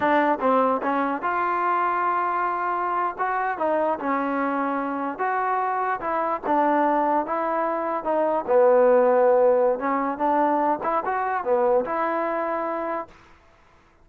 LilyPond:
\new Staff \with { instrumentName = "trombone" } { \time 4/4 \tempo 4 = 147 d'4 c'4 cis'4 f'4~ | f'2.~ f'8. fis'16~ | fis'8. dis'4 cis'2~ cis'16~ | cis'8. fis'2 e'4 d'16~ |
d'4.~ d'16 e'2 dis'16~ | dis'8. b2.~ b16 | cis'4 d'4. e'8 fis'4 | b4 e'2. | }